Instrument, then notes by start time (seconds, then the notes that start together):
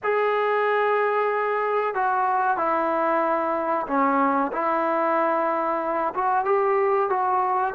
trombone
0.03 G#4
1.94 F#4
2.57 E4
3.87 C#4
4.52 E4
6.14 F#4
6.45 G4
7.09 F#4